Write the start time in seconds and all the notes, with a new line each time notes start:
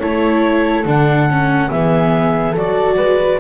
0.00 A3 E4 A4 C#5
0.85 D3 D4 F#5
1.30 C#4
1.70 E3 B3 G#4 E5
2.52 F#3 F#4 A4 D5
2.97 G#3 B4